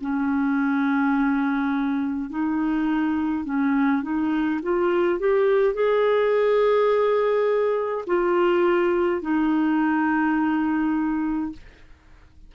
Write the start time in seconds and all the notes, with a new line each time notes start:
0.00 C#4
2.29 D#4
3.45 C#4
4.02 D#4
4.62 F4
5.19 G4
5.74 G#4
8.06 F4
9.21 D#4